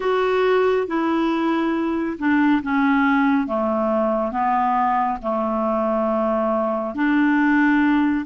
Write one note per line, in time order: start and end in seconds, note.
0.00 0.87 F#4
0.87 2.17 E4
2.18 2.62 D4
2.62 3.47 C#4
3.47 4.31 A3
4.31 5.18 B3
5.22 6.94 A3
6.94 8.25 D4